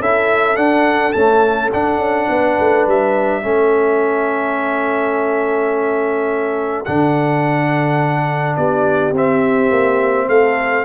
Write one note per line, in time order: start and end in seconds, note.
0.00 0.56 C#4
0.00 0.55 E4
0.00 2.29 A4
0.00 0.56 E5
0.55 1.13 D4
0.55 1.12 F#5
1.12 1.70 A3
1.12 1.72 C#4
1.12 1.69 A5
1.73 1.98 D4
1.73 3.42 D4
1.73 2.87 F#5
1.98 2.26 C#4
2.28 2.57 B3
2.28 3.42 B4
2.59 2.87 A3
2.87 3.43 G3
2.87 6.84 E5
3.42 6.86 A3
3.42 6.85 C#4
3.42 8.57 A4
6.84 8.57 D3
6.84 9.14 D4
6.84 8.56 F#5
8.56 9.12 B3
8.56 10.27 G4
8.56 9.13 D5
9.12 9.69 C4
9.12 10.84 C4
9.12 10.29 E5
9.70 10.27 A#3
10.27 10.84 A3
10.27 10.84 A4
10.27 10.84 F5